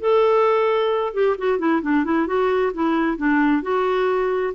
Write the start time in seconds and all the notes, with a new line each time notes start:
0.00 A4
1.14 G4
1.38 F#4
1.59 E4
1.82 D4
2.05 E4
2.27 F#4
2.74 E4
3.17 D4
3.63 F#4